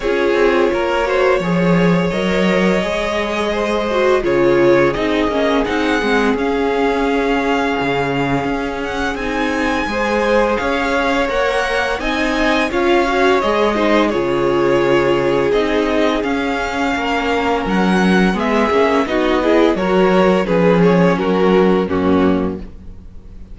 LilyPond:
<<
  \new Staff \with { instrumentName = "violin" } { \time 4/4 \tempo 4 = 85 cis''2. dis''4~ | dis''2 cis''4 dis''4 | fis''4 f''2.~ | f''8 fis''8 gis''2 f''4 |
fis''4 gis''4 f''4 dis''4 | cis''2 dis''4 f''4~ | f''4 fis''4 e''4 dis''4 | cis''4 b'8 cis''8 ais'4 fis'4 | }
  \new Staff \with { instrumentName = "violin" } { \time 4/4 gis'4 ais'8 c''8 cis''2~ | cis''4 c''4 gis'2~ | gis'1~ | gis'2 c''4 cis''4~ |
cis''4 dis''4 cis''4. c''8 | gis'1 | ais'2 gis'4 fis'8 gis'8 | ais'4 gis'4 fis'4 cis'4 | }
  \new Staff \with { instrumentName = "viola" } { \time 4/4 f'4. fis'8 gis'4 ais'4 | gis'4. fis'8 f'4 dis'8 cis'8 | dis'8 c'8 cis'2.~ | cis'4 dis'4 gis'2 |
ais'4 dis'4 f'8 fis'8 gis'8 dis'8 | f'2 dis'4 cis'4~ | cis'2 b8 cis'8 dis'8 e'8 | fis'4 cis'2 ais4 | }
  \new Staff \with { instrumentName = "cello" } { \time 4/4 cis'8 c'8 ais4 f4 fis4 | gis2 cis4 c'8 ais8 | c'8 gis8 cis'2 cis4 | cis'4 c'4 gis4 cis'4 |
ais4 c'4 cis'4 gis4 | cis2 c'4 cis'4 | ais4 fis4 gis8 ais8 b4 | fis4 f4 fis4 fis,4 | }
>>